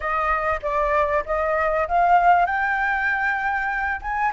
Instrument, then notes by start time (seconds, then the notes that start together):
flute
0.00 D#5
0.62 D5
1.25 D#5
1.88 F5
2.46 G5
4.01 G#5